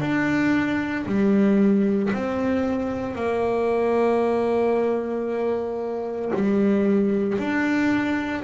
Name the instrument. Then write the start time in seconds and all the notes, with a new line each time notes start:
double bass
0.00 D4
1.06 G3
2.13 C4
3.15 A#3
6.34 G3
7.38 D4